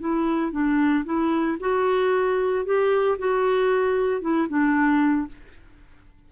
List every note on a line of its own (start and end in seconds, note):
0.00 0.52 E4
0.52 1.05 D4
1.05 1.58 E4
1.60 2.65 F#4
2.65 3.18 G4
3.18 4.21 F#4
4.21 4.48 E4
4.48 5.27 D4